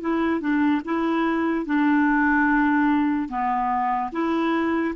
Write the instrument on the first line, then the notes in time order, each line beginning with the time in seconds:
clarinet
0.00 E4
0.40 D4
0.84 E4
1.66 D4
3.29 B3
4.12 E4